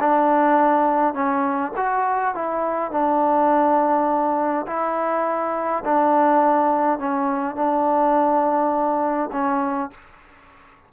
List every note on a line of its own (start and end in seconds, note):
0.00 1.14 D4
1.14 1.72 C#4
1.77 2.35 F#4
2.35 2.91 E4
2.91 4.66 D4
4.67 5.84 E4
5.85 6.99 D4
6.99 7.55 C#4
7.55 9.30 D4
9.32 9.91 C#4